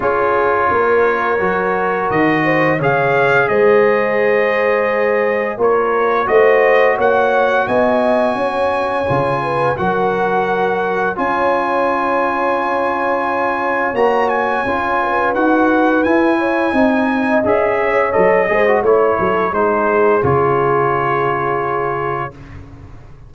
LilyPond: <<
  \new Staff \with { instrumentName = "trumpet" } { \time 4/4 \tempo 4 = 86 cis''2. dis''4 | f''4 dis''2. | cis''4 dis''4 fis''4 gis''4~ | gis''2 fis''2 |
gis''1 | ais''8 gis''4. fis''4 gis''4~ | gis''4 e''4 dis''4 cis''4 | c''4 cis''2. | }
  \new Staff \with { instrumentName = "horn" } { \time 4/4 gis'4 ais'2~ ais'8 c''8 | cis''4 c''2. | ais'4 c''4 cis''4 dis''4 | cis''4. b'8 ais'2 |
cis''1~ | cis''4. b'2 cis''8 | dis''4. cis''4 c''8 cis''8 a'8 | gis'1 | }
  \new Staff \with { instrumentName = "trombone" } { \time 4/4 f'2 fis'2 | gis'1 | f'4 fis'2.~ | fis'4 f'4 fis'2 |
f'1 | fis'4 f'4 fis'4 e'4 | dis'4 gis'4 a'8 gis'16 fis'16 e'4 | dis'4 f'2. | }
  \new Staff \with { instrumentName = "tuba" } { \time 4/4 cis'4 ais4 fis4 dis4 | cis4 gis2. | ais4 a4 ais4 b4 | cis'4 cis4 fis2 |
cis'1 | ais4 cis'4 dis'4 e'4 | c'4 cis'4 fis8 gis8 a8 fis8 | gis4 cis2. | }
>>